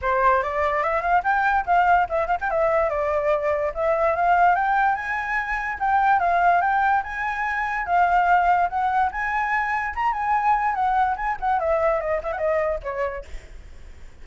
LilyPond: \new Staff \with { instrumentName = "flute" } { \time 4/4 \tempo 4 = 145 c''4 d''4 e''8 f''8 g''4 | f''4 e''8 f''16 g''16 e''4 d''4~ | d''4 e''4 f''4 g''4 | gis''2 g''4 f''4 |
g''4 gis''2 f''4~ | f''4 fis''4 gis''2 | ais''8 gis''4. fis''4 gis''8 fis''8 | e''4 dis''8 e''16 fis''16 dis''4 cis''4 | }